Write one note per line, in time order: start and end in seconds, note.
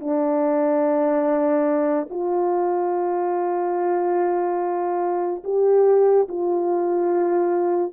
0.00 2.08 D4
2.10 5.44 F4
5.44 6.28 G4
6.28 7.93 F4